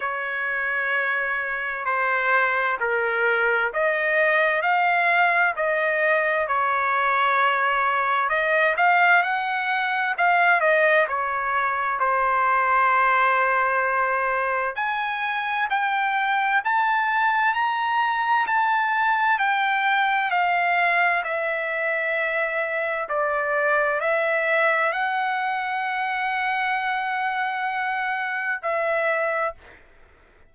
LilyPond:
\new Staff \with { instrumentName = "trumpet" } { \time 4/4 \tempo 4 = 65 cis''2 c''4 ais'4 | dis''4 f''4 dis''4 cis''4~ | cis''4 dis''8 f''8 fis''4 f''8 dis''8 | cis''4 c''2. |
gis''4 g''4 a''4 ais''4 | a''4 g''4 f''4 e''4~ | e''4 d''4 e''4 fis''4~ | fis''2. e''4 | }